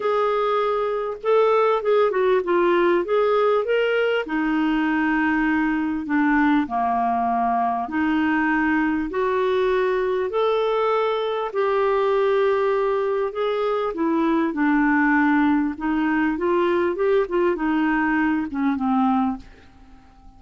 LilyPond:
\new Staff \with { instrumentName = "clarinet" } { \time 4/4 \tempo 4 = 99 gis'2 a'4 gis'8 fis'8 | f'4 gis'4 ais'4 dis'4~ | dis'2 d'4 ais4~ | ais4 dis'2 fis'4~ |
fis'4 a'2 g'4~ | g'2 gis'4 e'4 | d'2 dis'4 f'4 | g'8 f'8 dis'4. cis'8 c'4 | }